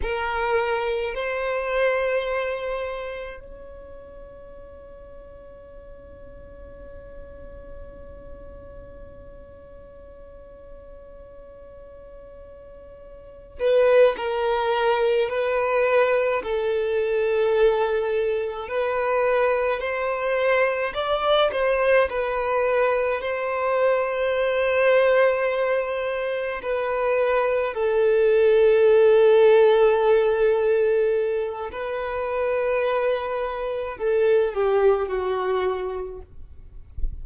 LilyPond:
\new Staff \with { instrumentName = "violin" } { \time 4/4 \tempo 4 = 53 ais'4 c''2 cis''4~ | cis''1~ | cis''1 | b'8 ais'4 b'4 a'4.~ |
a'8 b'4 c''4 d''8 c''8 b'8~ | b'8 c''2. b'8~ | b'8 a'2.~ a'8 | b'2 a'8 g'8 fis'4 | }